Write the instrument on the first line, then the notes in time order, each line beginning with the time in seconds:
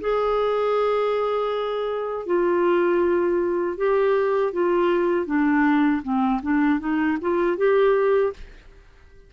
clarinet
0.00 G#4
2.25 F4
3.77 G4
4.52 F4
5.26 D4
6.02 C4
6.42 D4
6.79 D#4
7.21 F4
7.57 G4